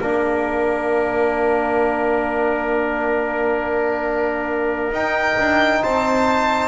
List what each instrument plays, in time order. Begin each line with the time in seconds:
0.00 double bass A#3, trombone D4, trumpet A#4, violin F5
4.92 double bass D#4, trombone D#4, violin G5
5.39 double bass D4
5.83 double bass C4, trumpet C5, violin A5